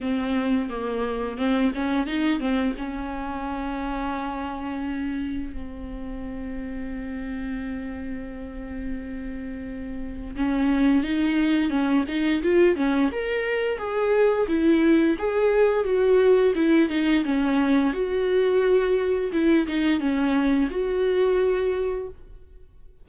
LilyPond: \new Staff \with { instrumentName = "viola" } { \time 4/4 \tempo 4 = 87 c'4 ais4 c'8 cis'8 dis'8 c'8 | cis'1 | c'1~ | c'2. cis'4 |
dis'4 cis'8 dis'8 f'8 cis'8 ais'4 | gis'4 e'4 gis'4 fis'4 | e'8 dis'8 cis'4 fis'2 | e'8 dis'8 cis'4 fis'2 | }